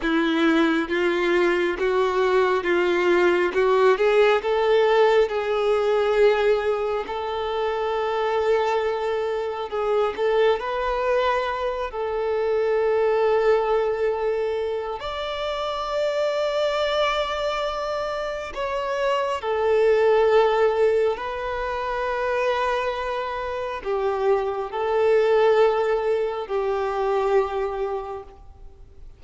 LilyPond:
\new Staff \with { instrumentName = "violin" } { \time 4/4 \tempo 4 = 68 e'4 f'4 fis'4 f'4 | fis'8 gis'8 a'4 gis'2 | a'2. gis'8 a'8 | b'4. a'2~ a'8~ |
a'4 d''2.~ | d''4 cis''4 a'2 | b'2. g'4 | a'2 g'2 | }